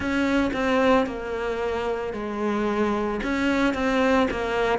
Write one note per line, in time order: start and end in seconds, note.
0.00 0.50 C#4
0.53 1.06 C4
1.06 2.13 A#3
2.13 3.20 G#3
3.23 3.74 C#4
3.74 4.27 C4
4.31 4.79 A#3